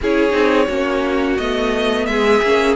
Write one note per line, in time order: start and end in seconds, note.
0.01 0.32 C#4
0.01 0.30 E4
0.01 0.67 G#4
0.01 1.37 C#5
0.30 0.67 C4
0.30 0.65 D#4
0.67 1.37 A#3
0.67 1.38 C#4
0.67 2.05 F#4
1.37 2.07 A3
1.37 2.42 B3
1.37 2.05 D#5
2.05 2.42 G#3
2.05 2.75 G#4
2.05 2.74 E5
2.42 2.75 A#3
2.42 2.75 C#4